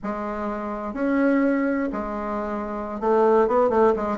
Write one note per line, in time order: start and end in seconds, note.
0.03 0.93 G#3
0.93 1.89 C#4
1.92 3.00 G#3
3.00 3.47 A3
3.47 3.69 B3
3.69 3.93 A3
3.96 4.17 G#3